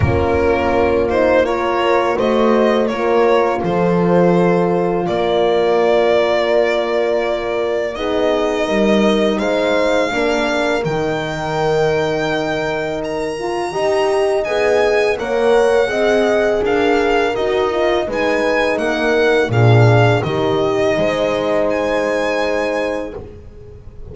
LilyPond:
<<
  \new Staff \with { instrumentName = "violin" } { \time 4/4 \tempo 4 = 83 ais'4. c''8 cis''4 dis''4 | cis''4 c''2 d''4~ | d''2. dis''4~ | dis''4 f''2 g''4~ |
g''2 ais''2 | gis''4 fis''2 f''4 | dis''4 gis''4 fis''4 f''4 | dis''2 gis''2 | }
  \new Staff \with { instrumentName = "horn" } { \time 4/4 f'2 ais'4 c''4 | ais'4 a'2 ais'4~ | ais'2. gis'4 | ais'4 c''4 ais'2~ |
ais'2. dis''4~ | dis''4 cis''4 dis''4 ais'4~ | ais'4 b'4 ais'4 gis'4 | g'4 c''2. | }
  \new Staff \with { instrumentName = "horn" } { \time 4/4 cis'4. dis'8 f'4 fis'4 | f'1~ | f'2. dis'4~ | dis'2 d'4 dis'4~ |
dis'2~ dis'8 f'8 g'4 | gis'4 ais'4 gis'2 | fis'8 f'8 dis'2 d'4 | dis'1 | }
  \new Staff \with { instrumentName = "double bass" } { \time 4/4 ais2. a4 | ais4 f2 ais4~ | ais2. b4 | g4 gis4 ais4 dis4~ |
dis2. dis'4 | b4 ais4 c'4 d'4 | dis'4 gis4 ais4 ais,4 | dis4 gis2. | }
>>